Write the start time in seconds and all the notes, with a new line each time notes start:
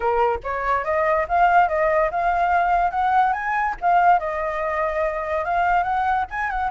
0.00 A#4
0.43 C#5
0.84 D#5
1.28 F5
1.68 D#5
2.11 F5
2.90 F#5
3.32 G#5
3.81 F5
4.19 D#5
5.44 F5
5.83 F#5
6.30 G#5
6.50 F#5